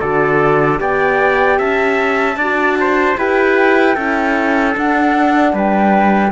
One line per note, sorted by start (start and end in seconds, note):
0.00 0.80 D3
0.00 0.77 F#4
0.00 0.79 A4
0.00 0.79 D5
0.77 1.59 B3
0.77 2.35 G4
0.77 1.58 D5
0.77 1.59 G5
1.58 2.36 C#4
1.58 2.37 E5
1.58 3.17 A5
2.36 3.15 D4
2.36 3.17 F#4
2.36 2.77 D5
2.80 3.18 C5
3.17 3.96 E4
3.17 3.96 G4
3.17 3.95 B4
3.17 4.76 G5
3.95 4.75 C#4
3.95 4.74 E4
3.95 5.53 A4
4.74 6.32 D4
4.74 5.53 D4
4.74 5.56 F#5
5.53 6.32 G3
5.53 6.32 B4
5.53 6.32 G5